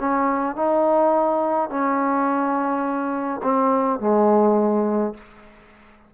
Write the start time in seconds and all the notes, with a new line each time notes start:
0.00 C#4
0.56 D#4
1.70 C#4
3.44 C4
4.00 G#3